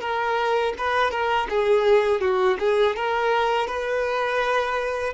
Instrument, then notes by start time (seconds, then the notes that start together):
violin
0.00 A#4
0.77 B4
1.10 A#4
1.49 G#4
2.20 F#4
2.59 G#4
2.96 A#4
3.67 B4